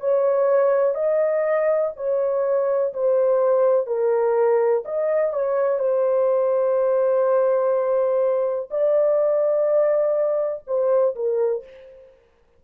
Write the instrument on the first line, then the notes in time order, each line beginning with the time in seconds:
horn
0.00 C#5
0.95 D#5
1.96 C#5
2.93 C5
3.87 A#4
4.85 D#5
5.33 C#5
5.79 C5
8.71 D5
10.67 C5
11.16 A#4